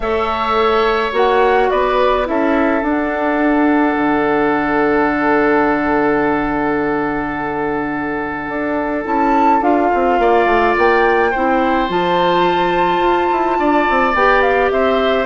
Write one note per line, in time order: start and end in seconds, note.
0.00 1.11 A3
0.00 1.12 A4
0.00 1.70 C#5
0.00 1.12 E5
1.12 1.69 A#3
1.12 2.25 F#4
1.12 1.70 F#5
1.70 2.28 B3
1.70 2.27 B4
1.70 2.26 D5
2.25 2.82 C#4
2.25 2.81 E4
2.25 10.20 A4
2.25 2.83 E5
2.82 3.95 D4
2.82 9.04 D4
2.82 9.06 F#5
3.96 8.48 D3
8.48 9.05 D4
9.04 9.61 C#4
9.04 9.61 E4
9.04 9.62 A5
9.61 9.89 D4
9.61 11.31 F4
9.61 10.76 F5
9.94 10.18 C4
10.18 10.45 A#3
10.18 11.30 D5
10.45 10.73 A3
10.77 11.33 A#3
10.77 11.90 G5
11.30 11.89 C4
11.30 11.88 E4
11.30 13.57 C5
11.88 12.98 F3
11.88 14.15 F4
11.88 14.15 A5
12.98 13.26 F4
13.31 13.58 E4
13.58 13.87 D4
13.58 14.72 D5
13.89 14.13 C4
14.13 14.70 B3
14.13 15.26 G4
14.13 14.41 G5
14.41 14.70 F5
14.70 15.26 C4
14.70 15.26 C5
14.70 15.26 E5